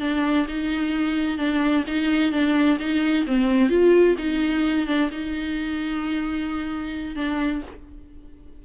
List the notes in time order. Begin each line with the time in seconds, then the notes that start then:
0.00 D4
0.48 D#4
1.38 D4
1.87 D#4
2.32 D4
2.79 D#4
3.27 C4
3.69 F4
4.18 D#4
4.87 D4
5.11 D#4
7.16 D4